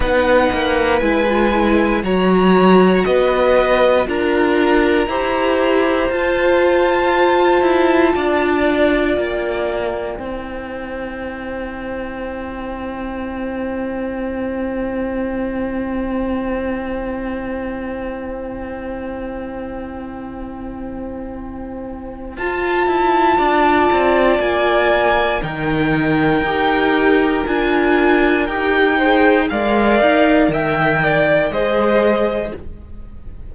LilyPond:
<<
  \new Staff \with { instrumentName = "violin" } { \time 4/4 \tempo 4 = 59 fis''4 gis''4 ais''4 dis''4 | ais''2 a''2~ | a''4 g''2.~ | g''1~ |
g''1~ | g''2 a''2 | gis''4 g''2 gis''4 | g''4 f''4 g''4 dis''4 | }
  \new Staff \with { instrumentName = "violin" } { \time 4/4 b'2 cis''4 b'4 | ais'4 c''2. | d''2 c''2~ | c''1~ |
c''1~ | c''2. d''4~ | d''4 ais'2.~ | ais'8 c''8 d''4 e''8 d''8 c''4 | }
  \new Staff \with { instrumentName = "viola" } { \time 4/4 dis'4 e'16 f'16 e'8 fis'2 | f'4 g'4 f'2~ | f'2 e'2~ | e'1~ |
e'1~ | e'2 f'2~ | f'4 dis'4 g'4 f'4 | g'8 gis'8 ais'2 gis'4 | }
  \new Staff \with { instrumentName = "cello" } { \time 4/4 b8 ais8 gis4 fis4 b4 | d'4 e'4 f'4. e'8 | d'4 ais4 c'2~ | c'1~ |
c'1~ | c'2 f'8 e'8 d'8 c'8 | ais4 dis4 dis'4 d'4 | dis'4 gis8 dis'8 dis4 gis4 | }
>>